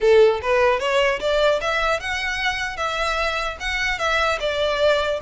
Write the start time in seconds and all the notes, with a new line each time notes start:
0.00 A4
0.41 B4
0.79 C#5
1.19 D5
1.60 E5
1.99 F#5
2.76 E5
3.60 F#5
3.98 E5
4.40 D5